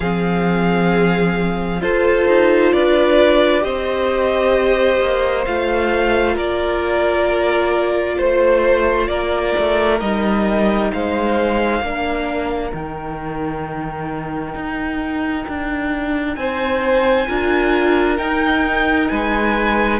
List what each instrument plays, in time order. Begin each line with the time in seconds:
0.00 cello F3, viola C4, violin G#4 F5
1.80 cello F4, viola F4, violin A4 C5
2.27 cello D#4
2.72 cello D4, violin B4 D5
3.60 cello C4, viola G4, violin C5 D#5
5.00 cello A#3
5.45 cello A3, viola F4, violin F5
6.34 cello A#3, violin A#4 D5
8.17 cello A3, violin C5
9.07 cello A#3, violin A#4 D5
9.58 cello A3
10.00 cello G3, viola D#4, violin D#5
10.92 cello G#3, violin C5 F5
11.80 cello A#3, viola D4, violin A#4
12.73 cello D#3, viola D#4, violin G5
14.54 cello D#4
15.48 cello D4
16.35 cello C4, violin C5 G#5
17.27 cello D4, viola F4, violin A#4
18.17 viola D#4, cello D#4, violin G5
19.08 cello G#3, violin B4 G#5